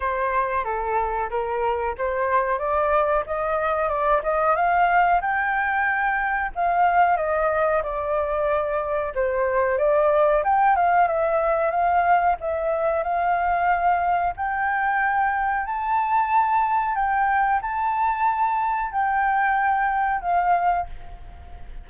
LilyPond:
\new Staff \with { instrumentName = "flute" } { \time 4/4 \tempo 4 = 92 c''4 a'4 ais'4 c''4 | d''4 dis''4 d''8 dis''8 f''4 | g''2 f''4 dis''4 | d''2 c''4 d''4 |
g''8 f''8 e''4 f''4 e''4 | f''2 g''2 | a''2 g''4 a''4~ | a''4 g''2 f''4 | }